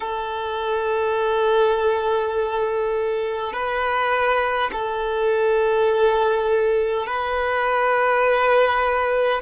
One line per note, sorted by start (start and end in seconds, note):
0.00 3.52 A4
3.52 4.70 B4
4.72 7.06 A4
7.06 9.41 B4